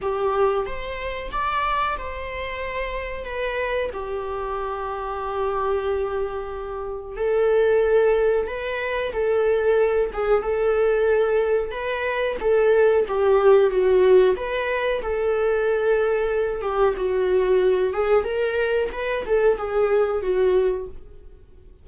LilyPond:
\new Staff \with { instrumentName = "viola" } { \time 4/4 \tempo 4 = 92 g'4 c''4 d''4 c''4~ | c''4 b'4 g'2~ | g'2. a'4~ | a'4 b'4 a'4. gis'8 |
a'2 b'4 a'4 | g'4 fis'4 b'4 a'4~ | a'4. g'8 fis'4. gis'8 | ais'4 b'8 a'8 gis'4 fis'4 | }